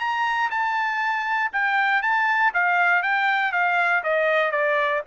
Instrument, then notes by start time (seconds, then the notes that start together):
trumpet
0.00 A#5
0.51 A5
1.53 G5
2.02 A5
2.54 F5
3.03 G5
3.53 F5
4.04 D#5
4.52 D5